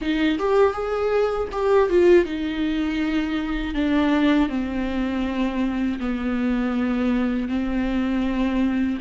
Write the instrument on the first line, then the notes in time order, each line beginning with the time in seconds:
viola
0.01 D#4
0.39 G4
0.73 G#4
1.52 G4
1.89 F4
2.25 D#4
3.74 D4
4.49 C4
5.99 B3
7.48 C4